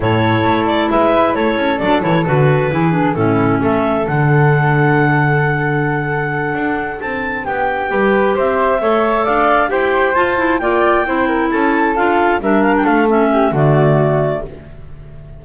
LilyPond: <<
  \new Staff \with { instrumentName = "clarinet" } { \time 4/4 \tempo 4 = 133 cis''4. d''8 e''4 cis''4 | d''8 cis''8 b'2 a'4 | e''4 fis''2.~ | fis''2.~ fis''8 a''8~ |
a''8 g''2 e''4.~ | e''8 f''4 g''4 a''4 g''8~ | g''4. a''4 f''4 e''8 | f''16 g''16 f''8 e''4 d''2 | }
  \new Staff \with { instrumentName = "flute" } { \time 4/4 a'2 b'4 a'4~ | a'2 gis'4 e'4 | a'1~ | a'1~ |
a'8 g'4 b'4 c''4 cis''8~ | cis''8 d''4 c''2 d''8~ | d''8 c''8 ais'8 a'2 ais'8~ | ais'8 a'4 g'8 fis'2 | }
  \new Staff \with { instrumentName = "clarinet" } { \time 4/4 e'1 | d'8 e'8 fis'4 e'8 d'8 cis'4~ | cis'4 d'2.~ | d'1~ |
d'4. g'2 a'8~ | a'4. g'4 f'8 e'8 f'8~ | f'8 e'2 f'4 d'8~ | d'4 cis'4 a2 | }
  \new Staff \with { instrumentName = "double bass" } { \time 4/4 a,4 a4 gis4 a8 cis'8 | fis8 e8 d4 e4 a,4 | a4 d2.~ | d2~ d8 d'4 c'8~ |
c'8 b4 g4 c'4 a8~ | a8 d'4 e'4 f'4 ais8~ | ais8 c'4 cis'4 d'4 g8~ | g8 a4. d2 | }
>>